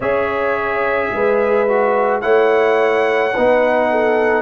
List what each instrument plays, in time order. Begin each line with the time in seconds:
0.00 tuba C#4, trombone G#4, horn C#5, trumpet E5
1.11 tuba G#3, horn B4
1.68 trombone F#4
2.21 tuba A3, trombone E4, horn C#5, trumpet F#5
3.33 tuba B3, trombone D#4, horn B4
3.91 horn A4